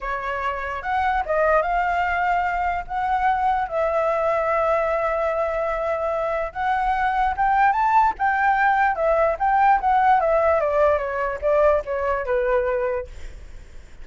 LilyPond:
\new Staff \with { instrumentName = "flute" } { \time 4/4 \tempo 4 = 147 cis''2 fis''4 dis''4 | f''2. fis''4~ | fis''4 e''2.~ | e''1 |
fis''2 g''4 a''4 | g''2 e''4 g''4 | fis''4 e''4 d''4 cis''4 | d''4 cis''4 b'2 | }